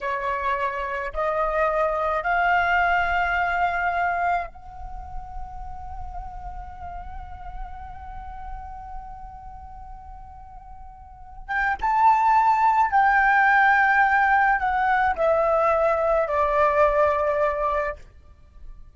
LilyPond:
\new Staff \with { instrumentName = "flute" } { \time 4/4 \tempo 4 = 107 cis''2 dis''2 | f''1 | fis''1~ | fis''1~ |
fis''1~ | fis''8 g''8 a''2 g''4~ | g''2 fis''4 e''4~ | e''4 d''2. | }